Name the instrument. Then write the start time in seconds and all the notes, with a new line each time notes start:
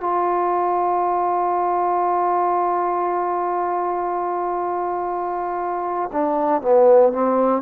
trombone
0.00 F4
6.12 D4
6.61 B3
7.12 C4